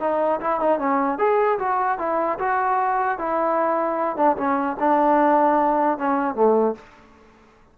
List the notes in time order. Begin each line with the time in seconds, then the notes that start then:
0.00 D#4
0.40 E4
0.60 D#4
0.79 C#4
1.18 G#4
1.59 F#4
1.98 E4
2.39 F#4
3.18 E4
4.16 D4
4.37 C#4
4.80 D4
5.98 C#4
6.35 A3